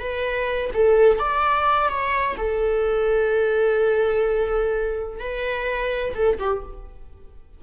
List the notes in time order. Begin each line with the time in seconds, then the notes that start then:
0.00 B4
0.74 A4
1.19 D5
1.89 C#5
2.38 A4
5.20 B4
6.15 A4
6.40 G4